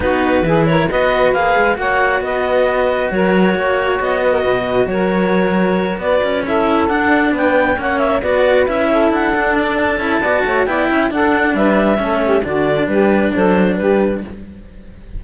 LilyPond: <<
  \new Staff \with { instrumentName = "clarinet" } { \time 4/4 \tempo 4 = 135 b'4. cis''8 dis''4 f''4 | fis''4 dis''2 cis''4~ | cis''4 dis''2 cis''4~ | cis''4. d''4 e''4 fis''8~ |
fis''8 g''4 fis''8 e''8 d''4 e''8~ | e''8 fis''4 d''8 a''2 | g''4 fis''4 e''2 | d''4 b'4 c''4 b'4 | }
  \new Staff \with { instrumentName = "saxophone" } { \time 4/4 fis'4 gis'8 ais'8 b'2 | cis''4 b'2 ais'4 | cis''4. b'16 ais'16 b'4 ais'4~ | ais'4. b'4 a'4.~ |
a'8 b'4 cis''4 b'4. | a'2. d''8 cis''8 | d''8 e''8 a'4 b'4 a'8 g'8 | fis'4 g'4 a'4 g'4 | }
  \new Staff \with { instrumentName = "cello" } { \time 4/4 dis'4 e'4 fis'4 gis'4 | fis'1~ | fis'1~ | fis'2~ fis'8 e'4 d'8~ |
d'4. cis'4 fis'4 e'8~ | e'4 d'4. e'8 fis'4 | e'4 d'2 cis'4 | d'1 | }
  \new Staff \with { instrumentName = "cello" } { \time 4/4 b4 e4 b4 ais8 gis8 | ais4 b2 fis4 | ais4 b4 b,4 fis4~ | fis4. b8 cis'4. d'8~ |
d'8 b4 ais4 b4 cis'8~ | cis'8 d'2 cis'8 b8 a8 | b8 cis'8 d'4 g4 a4 | d4 g4 fis4 g4 | }
>>